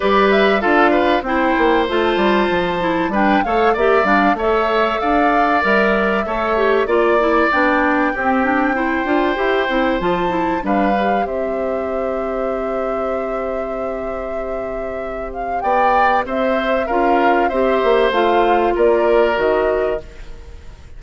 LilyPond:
<<
  \new Staff \with { instrumentName = "flute" } { \time 4/4 \tempo 4 = 96 d''8 e''8 f''4 g''4 a''4~ | a''4 g''8 f''8 e''8 f''8 e''4 | f''4 e''2 d''4 | g''1 |
a''4 f''4 e''2~ | e''1~ | e''8 f''8 g''4 e''4 f''4 | e''4 f''4 d''4 dis''4 | }
  \new Staff \with { instrumentName = "oboe" } { \time 4/4 b'4 a'8 b'8 c''2~ | c''4 b'8 cis''8 d''4 cis''4 | d''2 cis''4 d''4~ | d''4 g'4 c''2~ |
c''4 b'4 c''2~ | c''1~ | c''4 d''4 c''4 ais'4 | c''2 ais'2 | }
  \new Staff \with { instrumentName = "clarinet" } { \time 4/4 g'4 f'4 e'4 f'4~ | f'8 e'8 d'8 a'8 g'8 d'8 a'4~ | a'4 ais'4 a'8 g'8 f'8 e'8 | d'4 c'8 d'8 e'8 f'8 g'8 e'8 |
f'8 e'8 d'8 g'2~ g'8~ | g'1~ | g'2. f'4 | g'4 f'2 fis'4 | }
  \new Staff \with { instrumentName = "bassoon" } { \time 4/4 g4 d'4 c'8 ais8 a8 g8 | f4 g8 a8 ais8 g8 a4 | d'4 g4 a4 ais4 | b4 c'4. d'8 e'8 c'8 |
f4 g4 c'2~ | c'1~ | c'4 b4 c'4 cis'4 | c'8 ais8 a4 ais4 dis4 | }
>>